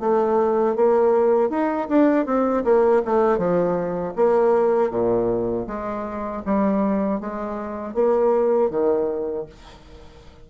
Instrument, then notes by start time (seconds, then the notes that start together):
bassoon
0.00 A3
0.76 A#3
1.50 D#4
1.89 D4
2.26 C4
2.64 A#3
3.05 A3
3.38 F3
4.16 A#3
4.91 A#2
5.67 G#3
6.46 G3
7.20 G#3
7.94 A#3
8.70 D#3